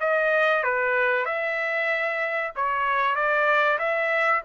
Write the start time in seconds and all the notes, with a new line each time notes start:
0.00 D#5
0.63 B4
1.25 E5
2.56 C#5
3.15 D5
3.79 E5